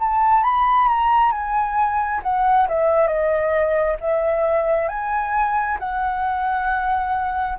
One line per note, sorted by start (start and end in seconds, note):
0.00 0.44 A5
0.44 0.88 B5
0.88 1.32 A#5
1.32 2.21 G#5
2.23 2.68 F#5
2.69 3.07 E5
3.07 3.97 D#5
4.01 4.89 E5
4.89 5.78 G#5
5.80 7.59 F#5